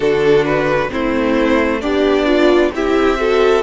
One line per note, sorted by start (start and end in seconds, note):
0.00 0.90 D3
0.00 0.87 D4
0.00 0.90 F#4
0.00 0.45 A4
0.45 0.90 B4
0.88 1.83 A3
0.88 1.79 C4
0.88 1.80 E4
0.88 1.81 C5
1.80 2.72 B3
1.80 2.71 D4
1.80 2.26 G4
1.80 2.72 D5
2.26 2.71 F4
2.72 3.62 C4
2.72 3.18 E4
2.72 3.19 G4
2.72 3.62 E5
3.18 3.62 F#4
3.18 3.62 A4